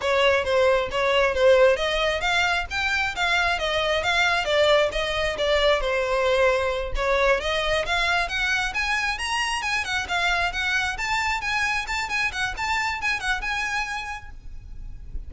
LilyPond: \new Staff \with { instrumentName = "violin" } { \time 4/4 \tempo 4 = 134 cis''4 c''4 cis''4 c''4 | dis''4 f''4 g''4 f''4 | dis''4 f''4 d''4 dis''4 | d''4 c''2~ c''8 cis''8~ |
cis''8 dis''4 f''4 fis''4 gis''8~ | gis''8 ais''4 gis''8 fis''8 f''4 fis''8~ | fis''8 a''4 gis''4 a''8 gis''8 fis''8 | a''4 gis''8 fis''8 gis''2 | }